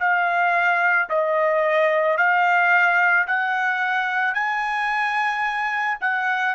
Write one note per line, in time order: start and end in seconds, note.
0.00 1.09 F5
1.10 2.18 D#5
2.18 3.27 F5
3.27 4.34 F#5
4.34 5.98 G#5
6.01 6.56 F#5